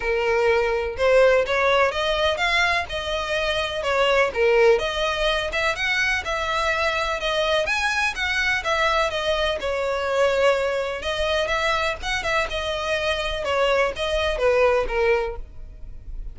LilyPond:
\new Staff \with { instrumentName = "violin" } { \time 4/4 \tempo 4 = 125 ais'2 c''4 cis''4 | dis''4 f''4 dis''2 | cis''4 ais'4 dis''4. e''8 | fis''4 e''2 dis''4 |
gis''4 fis''4 e''4 dis''4 | cis''2. dis''4 | e''4 fis''8 e''8 dis''2 | cis''4 dis''4 b'4 ais'4 | }